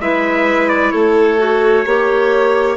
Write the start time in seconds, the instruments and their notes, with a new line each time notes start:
0.00 bassoon G#3, clarinet E4, violin B4, trumpet E5
0.69 trumpet D5
0.91 bassoon A3, violin A4, trumpet C#5
1.38 clarinet F#4
1.86 bassoon A#3, clarinet G4, violin C#5